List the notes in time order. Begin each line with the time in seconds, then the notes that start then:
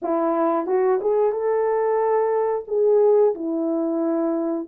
0.02 E4
0.66 F#4
1.01 G#4
1.32 A4
2.67 G#4
3.35 E4